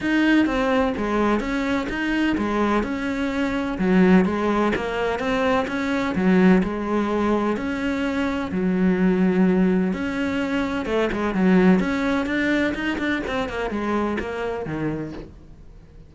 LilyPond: \new Staff \with { instrumentName = "cello" } { \time 4/4 \tempo 4 = 127 dis'4 c'4 gis4 cis'4 | dis'4 gis4 cis'2 | fis4 gis4 ais4 c'4 | cis'4 fis4 gis2 |
cis'2 fis2~ | fis4 cis'2 a8 gis8 | fis4 cis'4 d'4 dis'8 d'8 | c'8 ais8 gis4 ais4 dis4 | }